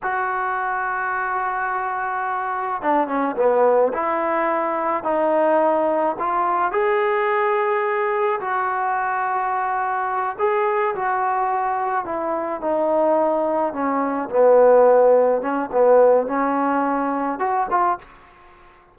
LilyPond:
\new Staff \with { instrumentName = "trombone" } { \time 4/4 \tempo 4 = 107 fis'1~ | fis'4 d'8 cis'8 b4 e'4~ | e'4 dis'2 f'4 | gis'2. fis'4~ |
fis'2~ fis'8 gis'4 fis'8~ | fis'4. e'4 dis'4.~ | dis'8 cis'4 b2 cis'8 | b4 cis'2 fis'8 f'8 | }